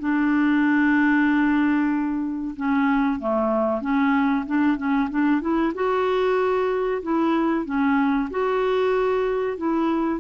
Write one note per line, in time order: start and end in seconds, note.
0.00 2.55 D4
2.57 3.20 C#4
3.20 3.82 A3
3.82 4.46 C#4
4.46 4.78 D4
4.78 5.09 C#4
5.10 5.41 D4
5.41 5.73 E4
5.75 7.02 F#4
7.03 7.66 E4
7.66 8.29 C#4
8.31 9.57 F#4
9.57 10.20 E4